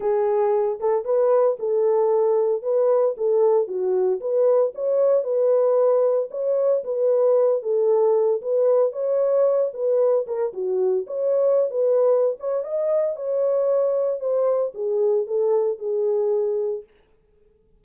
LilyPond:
\new Staff \with { instrumentName = "horn" } { \time 4/4 \tempo 4 = 114 gis'4. a'8 b'4 a'4~ | a'4 b'4 a'4 fis'4 | b'4 cis''4 b'2 | cis''4 b'4. a'4. |
b'4 cis''4. b'4 ais'8 | fis'4 cis''4~ cis''16 b'4~ b'16 cis''8 | dis''4 cis''2 c''4 | gis'4 a'4 gis'2 | }